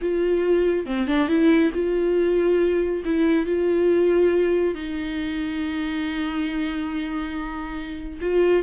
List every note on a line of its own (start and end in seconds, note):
0.01 0.85 F4
0.85 1.07 C4
1.07 1.28 D4
1.28 1.71 E4
1.73 3.03 F4
3.04 3.46 E4
3.46 4.74 F4
4.74 8.19 D#4
8.21 8.63 F4